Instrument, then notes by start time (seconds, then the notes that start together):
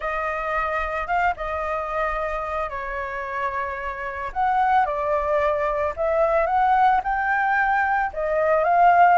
flute
0.00 D#5
1.07 F5
1.36 D#5
2.69 C#5
4.32 F#5
4.85 D5
5.96 E5
6.46 F#5
7.03 G5
8.13 D#5
8.64 F5